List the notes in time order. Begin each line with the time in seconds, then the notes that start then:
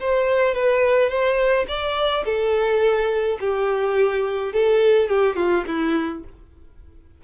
0.00 C5
0.55 B4
1.10 C5
1.68 D5
2.25 A4
3.40 G4
4.53 A4
5.09 G4
5.36 F4
5.68 E4